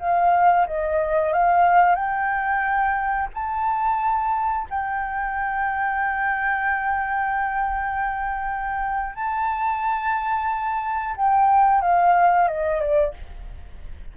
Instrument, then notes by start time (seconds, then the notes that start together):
flute
0.00 F5
0.67 D#5
1.33 F5
1.95 G5
3.34 A5
4.70 G5
9.15 A5
11.17 G5
11.82 F5
12.48 D#5
12.81 D5